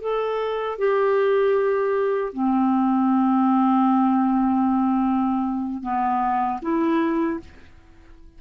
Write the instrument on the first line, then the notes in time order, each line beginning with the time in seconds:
clarinet
0.00 A4
0.78 G4
2.33 C4
5.82 B3
6.62 E4